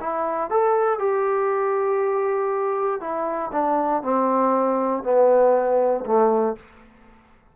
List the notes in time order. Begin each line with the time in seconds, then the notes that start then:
0.00 E4
0.50 A4
0.99 G4
3.00 E4
3.52 D4
4.02 C4
5.03 B3
6.05 A3